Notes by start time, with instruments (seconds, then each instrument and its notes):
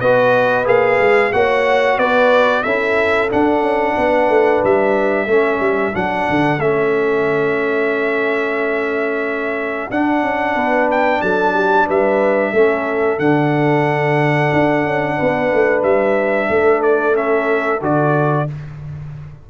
0.00 tuba B3, trombone F#4, horn B4, trumpet D#5
0.64 tuba A#3, trombone G#4, trumpet F5
1.00 tuba G#3
1.33 tuba A#3, trombone F#4, horn C#5, trumpet F#5
1.97 tuba B3, horn B4, trumpet D5
2.63 tuba C#4, trombone E4, horn A4, trumpet E5
3.29 trombone D4, tuba D4, trumpet F#5
3.62 tuba C#4
3.98 tuba B3, horn B4
4.29 tuba A3
4.64 tuba G3, trumpet E5
5.27 tuba A3, trombone C#4, horn A4
5.60 tuba G3
5.93 tuba F#3, trombone D4, trumpet F#5
6.29 tuba D3
6.59 tuba A3, trombone C#4, trumpet E5
9.91 tuba D4, trombone D4, trumpet F#5
10.22 tuba C#4
10.55 tuba B3, horn B4
10.91 trumpet G5
11.21 tuba F#3, horn A4, trumpet A5
11.53 horn G4
11.86 tuba G3, horn B4, trumpet E5
12.53 tuba A3, trombone C#4, horn A4
13.19 tuba D3, trombone D4, trumpet F#5
14.53 tuba D4
14.84 tuba C#4
15.16 tuba B3, horn B4
15.52 tuba A3
15.83 tuba G3, trumpet E5
16.49 tuba A3, horn A4
16.82 trumpet D5
17.13 trombone C#4, trumpet E5
17.81 tuba D3, trombone F#4, trumpet D5